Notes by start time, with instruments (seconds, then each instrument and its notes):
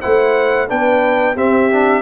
0.00 tuba A3, trombone E4, horn C5, trumpet F#5
0.68 tuba B3, trombone D4, horn B4, trumpet G5
1.35 tuba C4, trombone C4, horn G4, trumpet E5
1.71 trombone D4